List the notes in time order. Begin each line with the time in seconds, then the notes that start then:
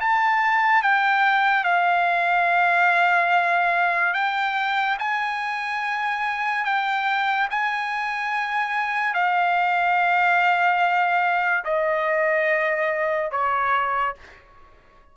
0.00 A5
0.82 G5
1.64 F5
4.13 G5
4.98 G#5
6.64 G5
7.50 G#5
9.14 F5
11.64 D#5
13.31 C#5